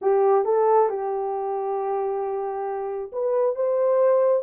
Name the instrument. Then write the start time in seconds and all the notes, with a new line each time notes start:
horn
0.01 G4
0.44 A4
0.89 G4
3.12 B4
3.55 C5